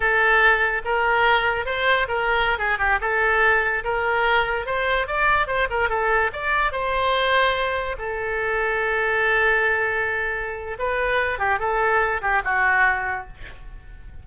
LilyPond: \new Staff \with { instrumentName = "oboe" } { \time 4/4 \tempo 4 = 145 a'2 ais'2 | c''4 ais'4~ ais'16 gis'8 g'8 a'8.~ | a'4~ a'16 ais'2 c''8.~ | c''16 d''4 c''8 ais'8 a'4 d''8.~ |
d''16 c''2. a'8.~ | a'1~ | a'2 b'4. g'8 | a'4. g'8 fis'2 | }